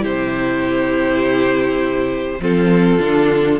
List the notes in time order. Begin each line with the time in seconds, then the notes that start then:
0.00 C3 E4 G4 C5
2.39 F3 C4 F4 A4
2.99 D3 D4